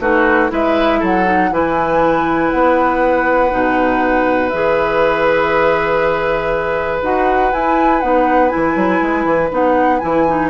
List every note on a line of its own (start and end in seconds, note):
0.00 0.50 A3
0.00 0.50 D#4
0.00 0.51 F#4
0.00 0.50 B4
0.50 1.01 G#3
0.50 1.25 E4
0.50 1.00 B4
0.50 1.03 E5
1.00 1.51 F#3
1.00 1.50 A4
1.00 1.53 F#5
1.25 1.50 D#4
1.51 2.51 E3
1.51 3.51 E4
1.51 10.50 B4
1.51 2.51 G#5
2.51 3.53 B3
2.51 4.50 F#5
3.51 4.53 B2
3.51 4.51 D#4
4.50 7.02 E3
4.50 7.03 G#4
4.50 7.00 E5
7.02 7.52 D#4
7.02 7.52 F#4
7.02 7.53 F#5
7.52 8.03 E4
7.52 8.02 E4
7.52 8.01 G#5
8.01 8.52 B3
8.01 8.49 D#4
8.01 8.49 F#5
8.49 9.49 E4
8.49 9.49 G#5
8.56 8.76 E3
8.76 9.01 F#3
9.01 9.25 G#3
9.25 9.50 E3
9.51 10.02 B3
9.51 10.01 D#4
9.51 9.99 F#5
9.99 10.50 E3
9.99 10.26 E4
9.99 10.49 G#5
10.28 10.50 D#4